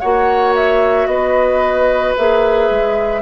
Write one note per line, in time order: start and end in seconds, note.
0.00 1.07 A#3
0.00 2.17 F#4
0.00 1.08 C#5
0.00 0.54 F#5
0.56 1.07 E5
1.07 2.14 B3
1.07 3.22 B4
1.07 2.14 D#5
2.17 2.70 A#3
2.17 3.22 G#4
2.17 3.22 E5
2.70 3.22 G#3